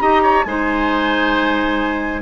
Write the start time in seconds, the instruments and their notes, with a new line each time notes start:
0.00 bassoon D#4, clarinet G4, oboe D#5, flute A#5
0.22 oboe C#5
0.43 bassoon G#3, clarinet D#4, oboe C5, flute G#5